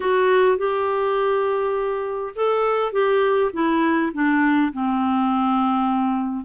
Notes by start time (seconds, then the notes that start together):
0.00 F#4
0.57 G4
2.35 A4
2.92 G4
3.53 E4
4.13 D4
4.72 C4